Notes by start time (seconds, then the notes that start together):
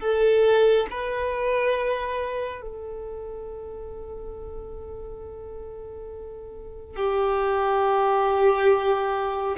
0.00 A4
0.91 B4
2.62 A4
6.96 G4